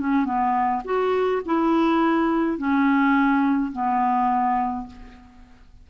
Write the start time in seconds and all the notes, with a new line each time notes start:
0.00 C#4
0.25 B3
0.85 F#4
1.46 E4
2.58 C#4
3.72 B3